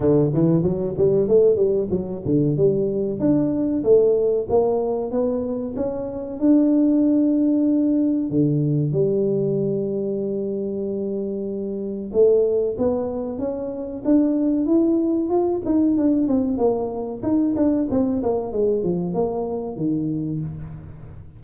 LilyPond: \new Staff \with { instrumentName = "tuba" } { \time 4/4 \tempo 4 = 94 d8 e8 fis8 g8 a8 g8 fis8 d8 | g4 d'4 a4 ais4 | b4 cis'4 d'2~ | d'4 d4 g2~ |
g2. a4 | b4 cis'4 d'4 e'4 | f'8 dis'8 d'8 c'8 ais4 dis'8 d'8 | c'8 ais8 gis8 f8 ais4 dis4 | }